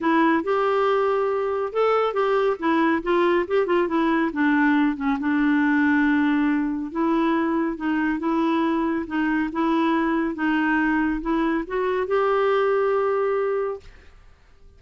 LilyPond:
\new Staff \with { instrumentName = "clarinet" } { \time 4/4 \tempo 4 = 139 e'4 g'2. | a'4 g'4 e'4 f'4 | g'8 f'8 e'4 d'4. cis'8 | d'1 |
e'2 dis'4 e'4~ | e'4 dis'4 e'2 | dis'2 e'4 fis'4 | g'1 | }